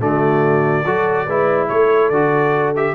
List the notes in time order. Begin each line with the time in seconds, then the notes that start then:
0.00 D3 A3 F#4 D5
0.85 F#3 F#4 A4
1.26 G#3 E4 B4
1.68 A3 A4 C#5
2.09 D3 F#4 D5
2.76 G4 E5